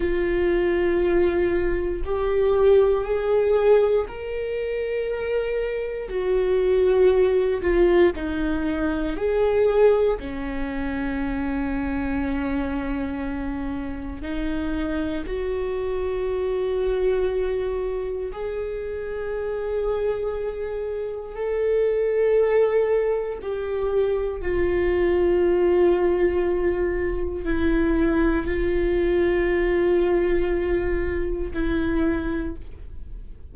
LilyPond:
\new Staff \with { instrumentName = "viola" } { \time 4/4 \tempo 4 = 59 f'2 g'4 gis'4 | ais'2 fis'4. f'8 | dis'4 gis'4 cis'2~ | cis'2 dis'4 fis'4~ |
fis'2 gis'2~ | gis'4 a'2 g'4 | f'2. e'4 | f'2. e'4 | }